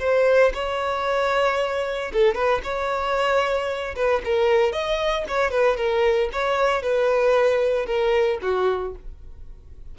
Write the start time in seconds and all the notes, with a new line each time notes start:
0.00 C5
0.54 C#5
2.13 A4
2.35 B4
2.64 C#5
3.96 B4
4.25 A#4
4.73 D#5
5.28 C#5
5.51 B4
5.77 A#4
6.33 C#5
6.83 B4
7.86 A#4
8.43 F#4